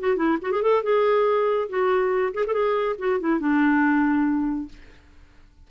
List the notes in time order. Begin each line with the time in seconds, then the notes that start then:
0.00 F#4
0.17 E4
0.42 F#4
0.52 G#4
0.63 A4
0.84 G#4
1.69 F#4
2.35 G#4
2.47 A4
2.54 G#4
2.99 F#4
3.20 E4
3.41 D4